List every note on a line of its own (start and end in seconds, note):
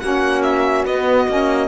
0.00 0.85 A#3
0.00 0.87 C#4
0.00 1.68 F#4
0.00 0.42 F#5
0.43 0.85 E5
0.85 1.27 B3
0.85 1.29 B3
0.85 1.68 D#5
1.29 1.68 A#3
1.29 1.68 C#4